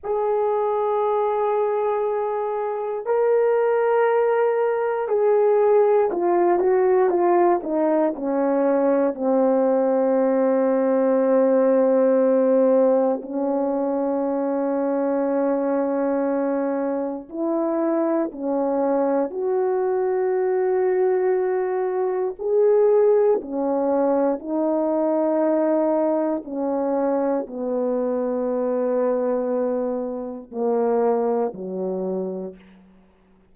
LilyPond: \new Staff \with { instrumentName = "horn" } { \time 4/4 \tempo 4 = 59 gis'2. ais'4~ | ais'4 gis'4 f'8 fis'8 f'8 dis'8 | cis'4 c'2.~ | c'4 cis'2.~ |
cis'4 e'4 cis'4 fis'4~ | fis'2 gis'4 cis'4 | dis'2 cis'4 b4~ | b2 ais4 fis4 | }